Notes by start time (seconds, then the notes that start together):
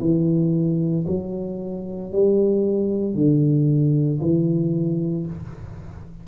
0.00 E3
1.07 F#3
2.12 G3
3.14 D3
4.21 E3